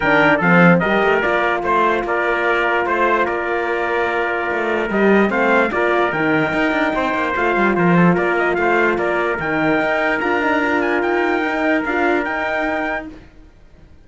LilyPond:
<<
  \new Staff \with { instrumentName = "trumpet" } { \time 4/4 \tempo 4 = 147 g''4 f''4 dis''4 d''4 | c''4 d''2 c''4 | d''1 | dis''4 f''4 d''4 g''4~ |
g''2 f''4 c''4 | d''8 dis''8 f''4 d''4 g''4~ | g''4 ais''4. gis''8 g''4~ | g''4 f''4 g''2 | }
  \new Staff \with { instrumentName = "trumpet" } { \time 4/4 ais'4 a'4 ais'2 | c''4 ais'2 c''4 | ais'1~ | ais'4 c''4 ais'2~ |
ais'4 c''2 ais'8 a'8 | ais'4 c''4 ais'2~ | ais'1~ | ais'1 | }
  \new Staff \with { instrumentName = "horn" } { \time 4/4 d'4 c'4 g'4 f'4~ | f'1~ | f'1 | g'4 c'4 f'4 dis'4~ |
dis'2 f'2~ | f'2. dis'4~ | dis'4 f'8 dis'8 f'2 | dis'4 f'4 dis'2 | }
  \new Staff \with { instrumentName = "cello" } { \time 4/4 dis4 f4 g8 a8 ais4 | a4 ais2 a4 | ais2. a4 | g4 a4 ais4 dis4 |
dis'8 d'8 c'8 ais8 a8 g8 f4 | ais4 a4 ais4 dis4 | dis'4 d'2 dis'4~ | dis'4 d'4 dis'2 | }
>>